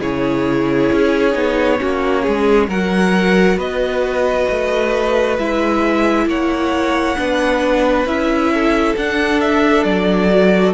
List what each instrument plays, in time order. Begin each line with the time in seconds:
0.00 cello C#3, viola E4, violin G#4 C#5
0.92 cello C#4
1.32 cello B3, viola D#4
1.78 cello A#3, viola C#4, violin F#4
2.22 cello G#3, violin G#4
2.68 cello F#3, viola F#4, violin A#4 F#5
3.57 cello B3, violin B4 D#5
4.50 cello A3
5.38 cello G#3, viola E4, violin E5
6.26 cello A#3, violin C#5 F#5
7.17 cello B3, viola D4, violin B4
8.05 cello C#4, viola E4, violin E5
8.53 violin A4
8.96 cello D4, viola D4, violin F#5
9.40 violin E5
9.84 cello F#3, violin D5
10.29 viola F#4